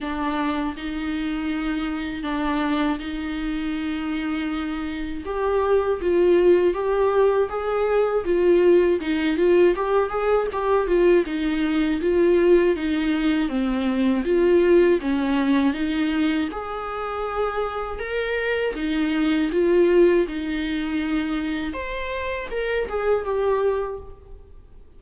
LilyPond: \new Staff \with { instrumentName = "viola" } { \time 4/4 \tempo 4 = 80 d'4 dis'2 d'4 | dis'2. g'4 | f'4 g'4 gis'4 f'4 | dis'8 f'8 g'8 gis'8 g'8 f'8 dis'4 |
f'4 dis'4 c'4 f'4 | cis'4 dis'4 gis'2 | ais'4 dis'4 f'4 dis'4~ | dis'4 c''4 ais'8 gis'8 g'4 | }